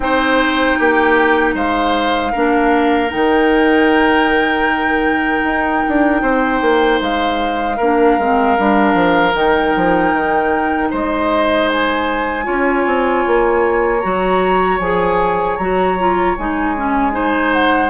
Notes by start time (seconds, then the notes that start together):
0.00 C4 D#4 C5 G5
0.78 A#3 G4
1.54 G#3 C5 F5
2.32 A#3 D4 A#4
3.08 D#3 D#4 G5
5.43 D#4
5.88 D4
6.22 C4 C5
6.61 A#3
7.00 G#3 F5
7.76 A#3 D4 A#4
8.18 G#3 C4
8.57 G3 D4
8.94 F3
9.32 D#3 D#4 G5
9.76 F3
10.12 D#3
10.90 G#3 C5 D#5
11.69 G#5
12.44 C#4 F4 C#5
12.86 C4
13.26 A#3
14.00 F#3 F#4 A#5
14.79 F3 G#4 G#5
15.57 F#3 F#4 A#5
15.98 F4
16.37 G#3 D#4 G#5
16.76 C#4
17.11 D#4 C5
17.52 F#5